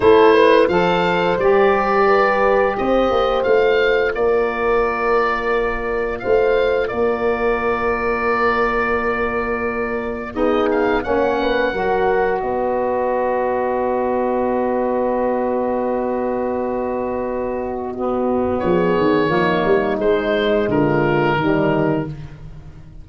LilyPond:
<<
  \new Staff \with { instrumentName = "oboe" } { \time 4/4 \tempo 4 = 87 c''4 f''4 d''2 | dis''4 f''4 d''2~ | d''4 f''4 d''2~ | d''2. dis''8 f''8 |
fis''2 dis''2~ | dis''1~ | dis''2. cis''4~ | cis''4 c''4 ais'2 | }
  \new Staff \with { instrumentName = "horn" } { \time 4/4 a'8 b'8 c''2 b'4 | c''2 ais'2~ | ais'4 c''4 ais'2~ | ais'2. gis'4 |
cis''8 b'8 ais'4 b'2~ | b'1~ | b'2 fis'4 gis'4 | dis'2 f'4 dis'4 | }
  \new Staff \with { instrumentName = "saxophone" } { \time 4/4 e'4 a'4 g'2~ | g'4 f'2.~ | f'1~ | f'2. dis'4 |
cis'4 fis'2.~ | fis'1~ | fis'2 b2 | ais4 gis2 g4 | }
  \new Staff \with { instrumentName = "tuba" } { \time 4/4 a4 f4 g2 | c'8 ais8 a4 ais2~ | ais4 a4 ais2~ | ais2. b4 |
ais4 fis4 b2~ | b1~ | b2. f8 dis8 | f8 g8 gis4 d4 dis4 | }
>>